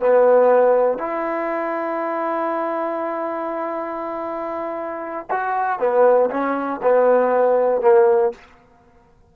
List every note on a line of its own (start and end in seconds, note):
0.00 0.98 B3
0.98 5.26 E4
5.31 5.79 F#4
5.79 6.30 B3
6.30 6.80 C#4
6.83 7.81 B3
7.81 8.31 A#3